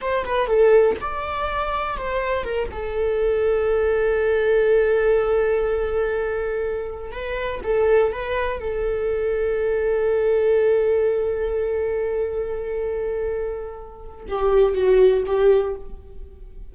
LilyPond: \new Staff \with { instrumentName = "viola" } { \time 4/4 \tempo 4 = 122 c''8 b'8 a'4 d''2 | c''4 ais'8 a'2~ a'8~ | a'1~ | a'2~ a'8 b'4 a'8~ |
a'8 b'4 a'2~ a'8~ | a'1~ | a'1~ | a'4 g'4 fis'4 g'4 | }